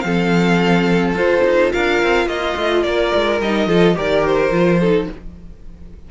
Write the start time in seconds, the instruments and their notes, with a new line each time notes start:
0.00 cello F3, viola C4, violin A4 F5
1.14 cello F4, viola F4, violin C5
1.45 cello D#4
1.73 cello D4, violin A#4 F5
2.03 cello C4
2.26 cello A#3, violin F4 D#5
2.57 cello A3
2.83 cello A#3, violin A#4 D5
3.15 cello G#3
3.41 cello G3, viola D#4, violin D#5
3.67 cello F3, viola F4, violin A4
3.95 cello D#3, viola G4, violin A#4 D5
4.26 violin C5
4.51 cello F3, viola F4
4.80 viola D#4, violin A4